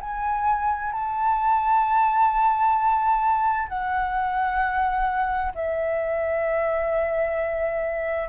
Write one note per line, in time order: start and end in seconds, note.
0.00 0.92 G#5
0.92 3.68 A5
3.68 5.53 F#5
5.55 8.29 E5